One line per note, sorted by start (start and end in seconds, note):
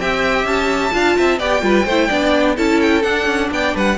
0.00 0.44 C4
0.00 0.92 G4
0.00 0.94 E5
0.00 0.46 G5
0.44 0.91 C#4
0.44 1.39 A5
0.92 1.17 D4
0.92 1.39 F4
0.92 1.17 F5
1.17 1.40 C4
1.17 1.39 E5
1.39 1.62 B3
1.39 1.61 G4
1.39 1.62 D5
1.39 2.56 G5
1.61 1.86 G3
1.61 1.84 F4
1.61 1.85 B4
1.85 2.09 A3
1.85 2.10 E4
1.85 2.08 C5
2.08 2.58 B3
2.08 2.57 D4
2.08 2.55 D5
2.56 3.04 C#4
2.56 3.02 E4
2.56 3.50 A4
2.56 2.81 A5
2.81 3.03 G5
3.02 3.96 D4
3.02 3.26 D4
3.02 3.50 F#5
3.26 3.50 C#4
3.51 3.75 B3
3.51 3.75 D5
3.51 3.77 G5
3.75 3.98 G3
3.75 3.98 B4
3.75 3.98 F#5